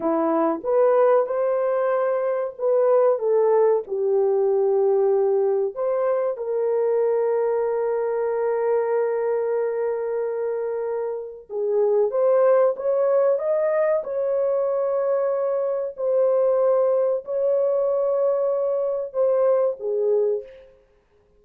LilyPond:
\new Staff \with { instrumentName = "horn" } { \time 4/4 \tempo 4 = 94 e'4 b'4 c''2 | b'4 a'4 g'2~ | g'4 c''4 ais'2~ | ais'1~ |
ais'2 gis'4 c''4 | cis''4 dis''4 cis''2~ | cis''4 c''2 cis''4~ | cis''2 c''4 gis'4 | }